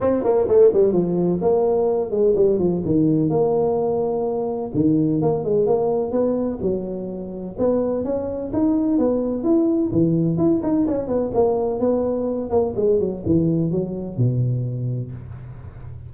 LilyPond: \new Staff \with { instrumentName = "tuba" } { \time 4/4 \tempo 4 = 127 c'8 ais8 a8 g8 f4 ais4~ | ais8 gis8 g8 f8 dis4 ais4~ | ais2 dis4 ais8 gis8 | ais4 b4 fis2 |
b4 cis'4 dis'4 b4 | e'4 e4 e'8 dis'8 cis'8 b8 | ais4 b4. ais8 gis8 fis8 | e4 fis4 b,2 | }